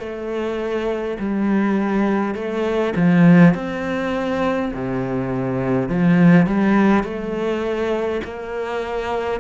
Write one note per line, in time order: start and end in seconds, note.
0.00 1.18 A3
1.19 2.35 G3
2.35 2.94 A3
2.96 3.55 F3
3.55 4.72 C4
4.74 5.89 C3
5.89 6.47 F3
6.47 7.03 G3
7.03 8.21 A3
8.24 9.40 A#3